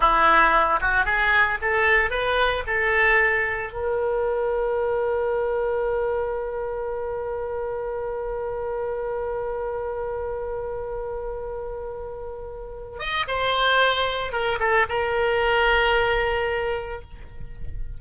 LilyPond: \new Staff \with { instrumentName = "oboe" } { \time 4/4 \tempo 4 = 113 e'4. fis'8 gis'4 a'4 | b'4 a'2 ais'4~ | ais'1~ | ais'1~ |
ais'1~ | ais'1~ | ais'8 dis''8 c''2 ais'8 a'8 | ais'1 | }